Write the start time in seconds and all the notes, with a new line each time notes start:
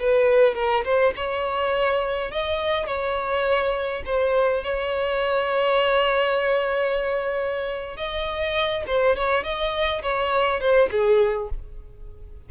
0.00 B4
0.55 A#4
0.85 C5
1.17 C#5
2.31 D#5
2.87 C#5
4.06 C5
4.64 C#5
7.97 D#5
8.87 C5
9.17 C#5
9.44 D#5
10.03 C#5
10.61 C5
10.91 G#4